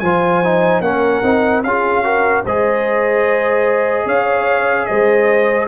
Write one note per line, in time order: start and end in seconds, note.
0.00 0.81 F3
0.00 0.44 F4
0.00 0.84 C5
0.00 0.81 G#5
0.44 0.84 D#4
0.81 1.21 A#3
0.81 1.23 C#4
0.81 1.66 A#4
0.81 1.63 F#5
1.23 1.64 C4
1.23 1.64 D#4
1.64 2.45 C#4
1.64 2.04 F4
1.64 2.05 G#4
1.64 2.45 F5
2.04 2.44 F#4
2.04 2.45 A#4
2.45 4.06 G#3
2.45 5.68 G#4
2.45 4.06 C5
2.45 4.08 D#5
4.06 4.87 C#4
4.06 4.87 C#5
4.06 4.86 F5
4.86 5.68 G#3
4.86 5.68 C5
4.86 5.67 D#5